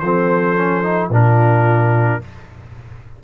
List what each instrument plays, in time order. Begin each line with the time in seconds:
0.00 tuba F3, trombone C4, horn A4, trumpet C5
0.57 trombone C#4
0.83 trombone D#4
1.10 tuba A#2, trombone D4, horn F4, trumpet A#4